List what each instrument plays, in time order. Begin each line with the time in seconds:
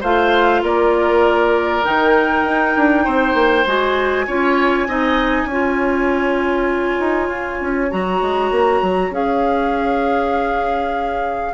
0.00 bassoon A3, clarinet F4, oboe C5, flute F5
0.62 bassoon A#3, oboe A#4, flute D5
1.83 bassoon D#3, clarinet D#4, flute G5
2.44 bassoon D#4
2.76 bassoon D4
3.04 bassoon C4, oboe C5
3.34 bassoon A#3
3.66 bassoon G#3, clarinet F#4, flute G#5
4.26 bassoon C#4, clarinet F4, oboe C#5
4.87 bassoon C4, clarinet D#4, oboe D#5
5.44 bassoon C#4, oboe C#5
5.51 clarinet F4
6.99 bassoon D#4
7.28 bassoon F4
7.60 bassoon C#4
7.90 bassoon F#3, clarinet F#4, flute A#5
8.21 bassoon G#3
8.50 bassoon A#3
8.82 bassoon F#3
9.10 bassoon C#4, clarinet G#4, flute F5